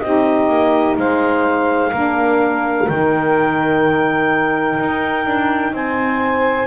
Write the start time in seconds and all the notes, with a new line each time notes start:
0.00 C4 D#4 G4 D#5
0.49 A#3
0.97 G#3 C5 F5
1.91 A#3 D4 A#4
2.87 D#3 D#4 G5
4.80 D#4
5.26 D4
5.72 C4 C5 G#5